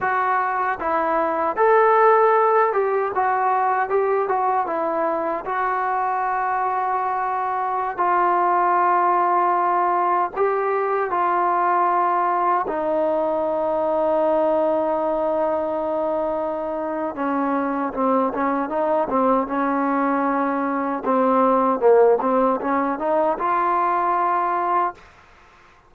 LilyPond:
\new Staff \with { instrumentName = "trombone" } { \time 4/4 \tempo 4 = 77 fis'4 e'4 a'4. g'8 | fis'4 g'8 fis'8 e'4 fis'4~ | fis'2~ fis'16 f'4.~ f'16~ | f'4~ f'16 g'4 f'4.~ f'16~ |
f'16 dis'2.~ dis'8.~ | dis'2 cis'4 c'8 cis'8 | dis'8 c'8 cis'2 c'4 | ais8 c'8 cis'8 dis'8 f'2 | }